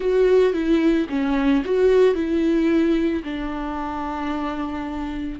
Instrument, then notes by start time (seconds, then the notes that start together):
viola
0.00 F#4
0.53 E4
1.09 C#4
1.64 F#4
2.14 E4
3.23 D4